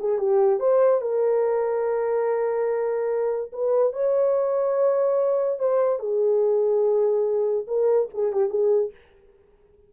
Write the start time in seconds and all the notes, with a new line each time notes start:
0.00 G#4
0.19 G4
0.60 C5
1.02 A#4
3.53 B4
3.93 C#5
5.60 C5
5.99 G#4
7.68 A#4
8.14 G#4
8.33 G4
8.50 G#4